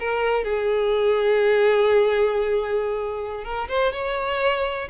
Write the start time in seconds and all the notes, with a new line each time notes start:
0.00 A#4
0.45 G#4
3.45 A#4
3.69 C5
3.93 C#5